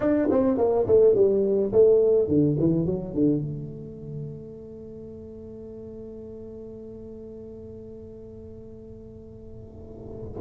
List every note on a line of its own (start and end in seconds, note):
0.00 0.28 D4
0.30 0.57 C4
0.57 0.86 A#3
0.86 1.15 A3
1.15 1.72 G3
1.72 2.28 A3
2.28 2.56 D3
2.59 2.85 E3
2.85 3.14 F#3
3.14 3.41 D3
3.41 10.41 A3